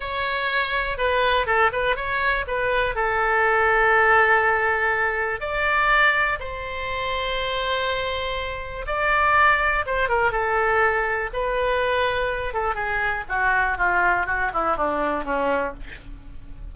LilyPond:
\new Staff \with { instrumentName = "oboe" } { \time 4/4 \tempo 4 = 122 cis''2 b'4 a'8 b'8 | cis''4 b'4 a'2~ | a'2. d''4~ | d''4 c''2.~ |
c''2 d''2 | c''8 ais'8 a'2 b'4~ | b'4. a'8 gis'4 fis'4 | f'4 fis'8 e'8 d'4 cis'4 | }